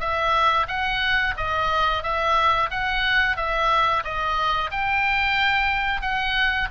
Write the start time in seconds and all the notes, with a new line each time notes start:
0.00 E5
0.68 F#5
1.37 D#5
2.03 E5
2.71 F#5
3.37 E5
4.04 D#5
4.71 G5
6.02 F#5